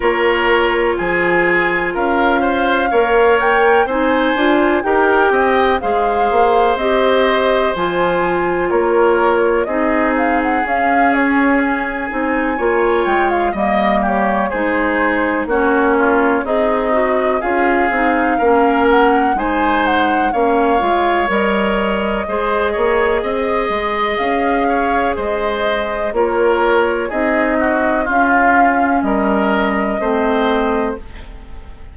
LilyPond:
<<
  \new Staff \with { instrumentName = "flute" } { \time 4/4 \tempo 4 = 62 cis''4 gis''4 f''4. g''8 | gis''4 g''4 f''4 dis''4 | gis''4 cis''4 dis''8 f''16 fis''16 f''8 cis''8 | gis''4. g''16 f''16 dis''8 cis''8 c''4 |
cis''4 dis''4 f''4. fis''8 | gis''8 fis''8 f''4 dis''2~ | dis''4 f''4 dis''4 cis''4 | dis''4 f''4 dis''2 | }
  \new Staff \with { instrumentName = "oboe" } { \time 4/4 ais'4 gis'4 ais'8 c''8 cis''4 | c''4 ais'8 dis''8 c''2~ | c''4 ais'4 gis'2~ | gis'4 cis''4 dis''8 g'8 gis'4 |
fis'8 f'8 dis'4 gis'4 ais'4 | c''4 cis''2 c''8 cis''8 | dis''4. cis''8 c''4 ais'4 | gis'8 fis'8 f'4 ais'4 c''4 | }
  \new Staff \with { instrumentName = "clarinet" } { \time 4/4 f'2. ais'4 | dis'8 f'8 g'4 gis'4 g'4 | f'2 dis'4 cis'4~ | cis'8 dis'8 f'4 ais4 dis'4 |
cis'4 gis'8 fis'8 f'8 dis'8 cis'4 | dis'4 cis'8 f'8 ais'4 gis'4~ | gis'2. f'4 | dis'4 cis'2 c'4 | }
  \new Staff \with { instrumentName = "bassoon" } { \time 4/4 ais4 f4 cis'4 ais4 | c'8 d'8 dis'8 c'8 gis8 ais8 c'4 | f4 ais4 c'4 cis'4~ | cis'8 c'8 ais8 gis8 g4 gis4 |
ais4 c'4 cis'8 c'8 ais4 | gis4 ais8 gis8 g4 gis8 ais8 | c'8 gis8 cis'4 gis4 ais4 | c'4 cis'4 g4 a4 | }
>>